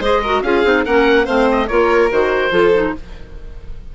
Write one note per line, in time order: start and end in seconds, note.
0.00 0.42 G#3
0.00 0.22 G#4
0.00 0.21 C5
0.00 0.42 D#5
0.22 0.44 F#4
0.22 0.43 A#4
0.42 0.63 C#4
0.42 0.64 F4
0.42 0.85 G#4
0.42 0.84 F5
0.64 0.85 C4
0.64 0.85 D#4
0.85 1.28 A#3
0.85 1.26 C#4
0.85 1.25 A#4
0.85 1.27 F#5
1.25 1.69 A3
1.25 1.67 C4
1.25 1.66 C5
1.25 1.47 F5
1.51 1.68 D#5
1.68 2.11 A#3
1.68 2.10 F4
1.68 2.51 A#4
1.68 2.09 C#5
2.10 2.51 D#3
2.10 2.50 F#4
2.10 2.95 C5
2.50 2.92 F3
2.50 2.71 F4
2.50 2.93 A4
2.74 2.95 D#4